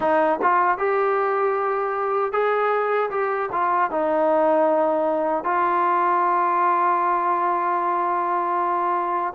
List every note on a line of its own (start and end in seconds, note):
0.00 0.39 D#4
0.41 0.78 F4
0.78 2.32 G4
2.32 3.10 G#4
3.10 3.49 G4
3.52 3.90 F4
3.90 5.44 D#4
5.44 9.33 F4